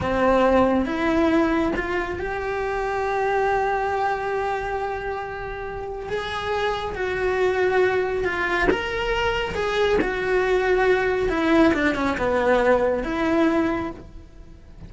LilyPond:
\new Staff \with { instrumentName = "cello" } { \time 4/4 \tempo 4 = 138 c'2 e'2 | f'4 g'2.~ | g'1~ | g'2 gis'2 |
fis'2. f'4 | ais'2 gis'4 fis'4~ | fis'2 e'4 d'8 cis'8 | b2 e'2 | }